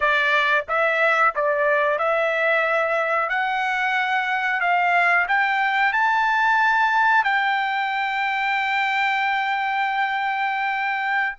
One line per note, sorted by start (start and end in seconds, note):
0.00 0.65 D5
0.68 1.34 E5
1.35 1.98 D5
1.98 3.29 E5
3.29 4.60 F#5
4.60 5.26 F5
5.28 5.92 G5
5.92 7.23 A5
7.23 11.36 G5